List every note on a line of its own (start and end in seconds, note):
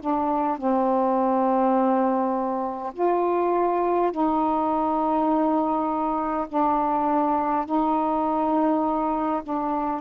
0.00 0.57 D4
0.57 2.93 C4
2.94 4.11 F4
4.11 6.47 D#4
6.48 7.65 D4
7.65 9.42 D#4
9.43 10.01 D4